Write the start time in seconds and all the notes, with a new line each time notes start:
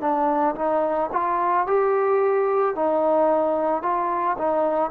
0.00 D4
0.55 D#4
1.12 F4
1.67 G4
2.75 D#4
3.82 F4
4.38 D#4